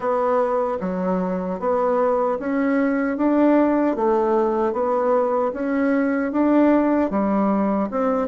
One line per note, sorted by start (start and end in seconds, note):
0.00 0.78 B3
0.80 1.59 F#3
1.59 2.38 B3
2.39 3.17 C#4
3.17 3.95 D4
3.95 4.73 A3
4.73 5.52 B3
5.53 6.32 C#4
6.32 7.10 D4
7.10 7.89 G3
7.91 8.28 C4